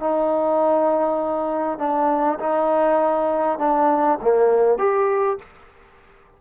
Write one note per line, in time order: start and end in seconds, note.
0.00 1.79 D#4
1.79 2.39 D4
2.40 3.59 D#4
3.59 4.19 D4
4.22 4.78 A#3
4.78 5.38 G4